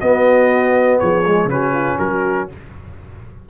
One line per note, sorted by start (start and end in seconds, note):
0.00 1.25 B3
0.00 1.01 B3
0.00 1.00 F#4
0.00 0.99 D#5
0.99 1.45 F3
0.99 1.49 G#4
0.99 1.49 C#5
1.26 1.50 G#3
1.45 1.94 C#3
1.45 2.49 C#4
1.45 1.99 B4
1.51 1.72 F#4
1.72 1.97 F4
1.99 2.49 F#3
1.99 2.49 F#4
1.99 2.48 A#4